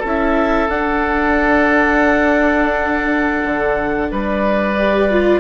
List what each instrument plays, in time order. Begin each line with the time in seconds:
0.00 bassoon C#4, viola E4, oboe A4
0.07 clarinet E5
0.69 bassoon D4, viola D4, clarinet F#5
3.44 bassoon D3
4.11 bassoon G3, oboe B4, clarinet D5
4.79 viola G4
5.11 viola F4